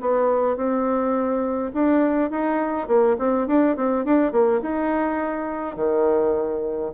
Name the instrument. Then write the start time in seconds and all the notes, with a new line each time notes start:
bassoon
0.00 B3
0.56 C4
1.73 D4
2.30 D#4
2.87 A#3
3.18 C4
3.47 D4
3.76 C4
4.04 D4
4.32 A#3
4.61 D#4
5.76 D#3